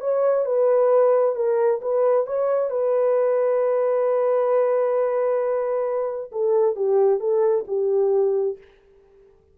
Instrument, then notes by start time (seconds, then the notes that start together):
horn
0.00 C#5
0.45 B4
1.36 A#4
1.81 B4
2.26 C#5
2.70 B4
6.32 A4
6.76 G4
7.20 A4
7.68 G4